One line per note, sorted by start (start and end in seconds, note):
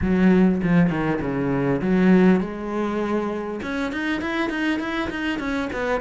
0.01 0.61 F#3
0.63 0.90 F3
0.90 1.20 D#3
1.21 1.81 C#3
1.81 2.40 F#3
2.40 3.60 G#3
3.62 3.92 C#4
3.92 4.21 D#4
4.21 4.49 E4
4.49 4.79 D#4
4.79 5.09 E4
5.10 5.39 D#4
5.39 5.69 C#4
5.72 6.01 B3